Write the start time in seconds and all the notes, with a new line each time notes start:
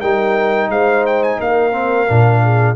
0.00 G3 D#4 A#4 G5
0.69 G#3 C5 F5
1.06 G5
1.23 G#5
1.38 A#3 A#4 F5
1.72 C4
2.06 A#2 D4
2.42 G#4